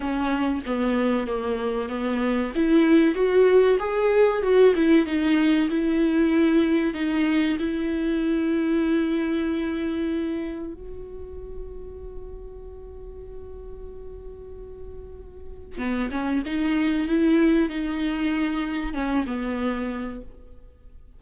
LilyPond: \new Staff \with { instrumentName = "viola" } { \time 4/4 \tempo 4 = 95 cis'4 b4 ais4 b4 | e'4 fis'4 gis'4 fis'8 e'8 | dis'4 e'2 dis'4 | e'1~ |
e'4 fis'2.~ | fis'1~ | fis'4 b8 cis'8 dis'4 e'4 | dis'2 cis'8 b4. | }